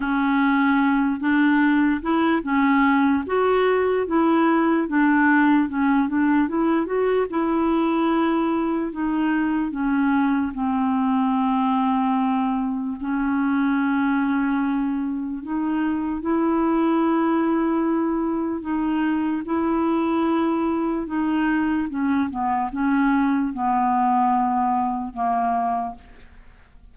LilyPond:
\new Staff \with { instrumentName = "clarinet" } { \time 4/4 \tempo 4 = 74 cis'4. d'4 e'8 cis'4 | fis'4 e'4 d'4 cis'8 d'8 | e'8 fis'8 e'2 dis'4 | cis'4 c'2. |
cis'2. dis'4 | e'2. dis'4 | e'2 dis'4 cis'8 b8 | cis'4 b2 ais4 | }